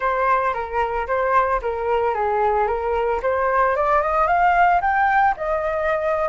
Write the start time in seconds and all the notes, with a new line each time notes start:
0.00 C5
0.53 A#4
1.07 C5
1.62 A#4
2.14 G#4
2.67 A#4
3.22 C5
3.75 D5
4.02 D#5
4.27 F5
4.81 G5
5.36 D#5